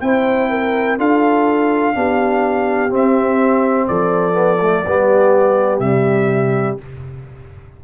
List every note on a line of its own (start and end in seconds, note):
0.00 0.98 C4
0.00 0.98 E4
0.00 0.49 C5
0.00 0.97 G5
0.49 0.97 A#4
0.97 1.95 D4
0.97 1.94 F4
0.97 1.94 A4
0.97 2.93 F5
1.94 2.90 B3
1.94 2.89 D4
1.94 3.87 G4
2.89 4.32 C4
2.89 3.87 C4
2.89 3.87 E5
3.87 4.85 F3
3.87 4.84 A4
3.87 5.79 D5
4.32 4.57 B3
4.60 4.85 A3
4.86 5.79 G3
4.86 5.81 B3
4.86 6.83 G4
5.79 6.76 C3
5.79 6.78 G3
5.79 6.76 E5